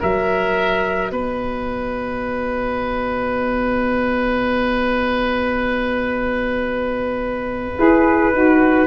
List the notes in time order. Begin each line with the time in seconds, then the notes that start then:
0.00 F#3 F#4 A#4 E5
1.11 B3 B4 D#5
7.77 E4 G#4 B4
8.32 D#4 F#4